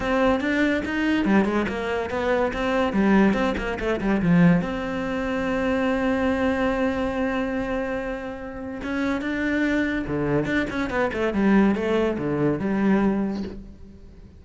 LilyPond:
\new Staff \with { instrumentName = "cello" } { \time 4/4 \tempo 4 = 143 c'4 d'4 dis'4 g8 gis8 | ais4 b4 c'4 g4 | c'8 ais8 a8 g8 f4 c'4~ | c'1~ |
c'1~ | c'4 cis'4 d'2 | d4 d'8 cis'8 b8 a8 g4 | a4 d4 g2 | }